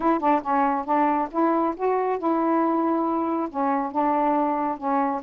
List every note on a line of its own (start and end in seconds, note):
0.00 0.19 E4
0.19 0.41 D4
0.42 0.85 C#4
0.85 1.28 D4
1.31 1.74 E4
1.76 2.18 F#4
2.18 3.48 E4
3.49 3.91 C#4
3.91 4.77 D4
4.77 5.21 C#4